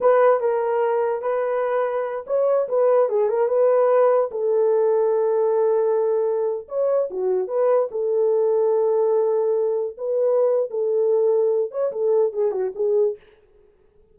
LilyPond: \new Staff \with { instrumentName = "horn" } { \time 4/4 \tempo 4 = 146 b'4 ais'2 b'4~ | b'4. cis''4 b'4 gis'8 | ais'8 b'2 a'4.~ | a'1~ |
a'16 cis''4 fis'4 b'4 a'8.~ | a'1~ | a'16 b'4.~ b'16 a'2~ | a'8 cis''8 a'4 gis'8 fis'8 gis'4 | }